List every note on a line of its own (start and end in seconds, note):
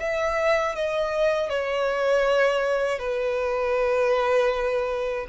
0.00 0.75 E5
0.75 1.49 D#5
1.49 2.99 C#5
2.99 5.27 B4